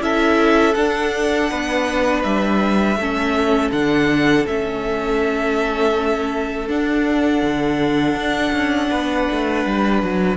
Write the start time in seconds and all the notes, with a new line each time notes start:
0.00 C#4 E4 A4 E5
0.74 D4 F#5
1.50 B3 B4
2.23 G3 E5
2.97 A3 C#4 A4
3.71 D3 D4 F#5
4.46 A3 C#4 E5
6.68 D4 F#5
7.42 D3
8.15 D4
8.53 C#4
8.90 B3 B4
9.31 A3
9.66 G3
10.02 F#3